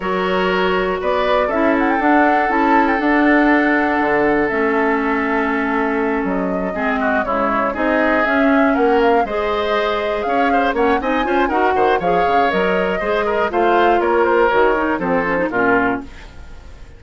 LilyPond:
<<
  \new Staff \with { instrumentName = "flute" } { \time 4/4 \tempo 4 = 120 cis''2 d''4 e''8 fis''16 g''16 | fis''4 a''8. g''16 fis''2~ | fis''4 e''2.~ | e''8 dis''2 cis''4 dis''8~ |
dis''8 e''4 fis''8 f''8 dis''4.~ | dis''8 f''4 fis''8 gis''4 fis''4 | f''4 dis''2 f''4 | cis''8 c''8 cis''4 c''4 ais'4 | }
  \new Staff \with { instrumentName = "oboe" } { \time 4/4 ais'2 b'4 a'4~ | a'1~ | a'1~ | a'4. gis'8 fis'8 e'4 gis'8~ |
gis'4. ais'4 c''4.~ | c''8 cis''8 c''8 cis''8 dis''8 c''8 ais'8 c''8 | cis''2 c''8 ais'8 c''4 | ais'2 a'4 f'4 | }
  \new Staff \with { instrumentName = "clarinet" } { \time 4/4 fis'2. e'4 | d'4 e'4 d'2~ | d'4 cis'2.~ | cis'4. c'4 gis4 dis'8~ |
dis'8 cis'2 gis'4.~ | gis'4. cis'8 dis'8 f'8 fis'4 | gis'4 ais'4 gis'4 f'4~ | f'4 fis'8 dis'8 c'8 cis'16 dis'16 cis'4 | }
  \new Staff \with { instrumentName = "bassoon" } { \time 4/4 fis2 b4 cis'4 | d'4 cis'4 d'2 | d4 a2.~ | a8 fis4 gis4 cis4 c'8~ |
c'8 cis'4 ais4 gis4.~ | gis8 cis'4 ais8 c'8 cis'8 dis'8 dis8 | f8 cis8 fis4 gis4 a4 | ais4 dis4 f4 ais,4 | }
>>